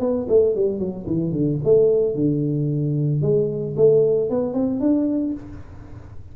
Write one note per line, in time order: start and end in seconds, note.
0.00 0.27 B3
0.28 0.55 A3
0.55 0.79 G3
0.79 1.06 F#3
1.07 1.32 E3
1.32 1.59 D3
1.64 2.15 A3
2.15 3.22 D3
3.22 3.75 G#3
3.77 4.30 A3
4.30 4.53 B3
4.53 4.80 C4
4.80 5.34 D4